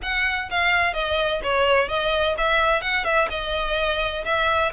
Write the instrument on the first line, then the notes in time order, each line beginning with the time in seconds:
violin
0.02 F#5
0.50 F5
0.93 D#5
1.43 C#5
1.88 D#5
2.37 E5
2.81 F#5
3.04 E5
3.30 D#5
4.24 E5